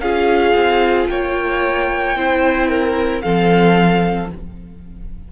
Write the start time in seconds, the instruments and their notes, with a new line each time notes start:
0.00 cello C#4, viola F4, violin G#4 F5
0.54 cello C4
1.08 cello A#3, violin C#5 G5
2.16 cello C4, viola E4, violin C5
2.69 violin A#4
3.21 cello F3, viola C4, violin A4 F5